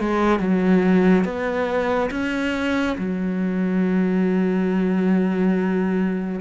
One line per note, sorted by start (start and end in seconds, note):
0.00 0.40 G#3
0.40 1.25 F#3
1.25 2.10 B3
2.11 2.97 C#4
2.98 6.41 F#3